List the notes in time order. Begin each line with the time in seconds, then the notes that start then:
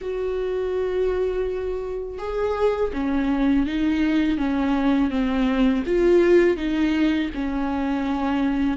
0.01 F#4
2.18 G#4
2.93 C#4
3.66 D#4
4.37 C#4
5.10 C4
5.86 F4
6.57 D#4
7.34 C#4